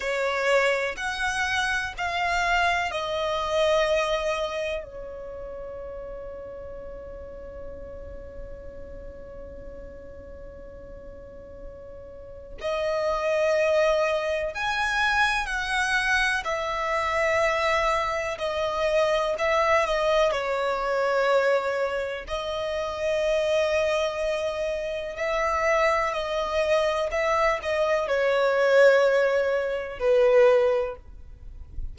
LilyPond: \new Staff \with { instrumentName = "violin" } { \time 4/4 \tempo 4 = 62 cis''4 fis''4 f''4 dis''4~ | dis''4 cis''2.~ | cis''1~ | cis''4 dis''2 gis''4 |
fis''4 e''2 dis''4 | e''8 dis''8 cis''2 dis''4~ | dis''2 e''4 dis''4 | e''8 dis''8 cis''2 b'4 | }